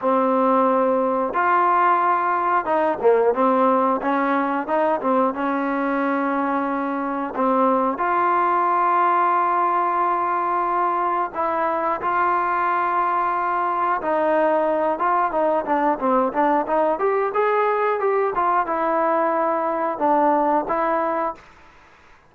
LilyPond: \new Staff \with { instrumentName = "trombone" } { \time 4/4 \tempo 4 = 90 c'2 f'2 | dis'8 ais8 c'4 cis'4 dis'8 c'8 | cis'2. c'4 | f'1~ |
f'4 e'4 f'2~ | f'4 dis'4. f'8 dis'8 d'8 | c'8 d'8 dis'8 g'8 gis'4 g'8 f'8 | e'2 d'4 e'4 | }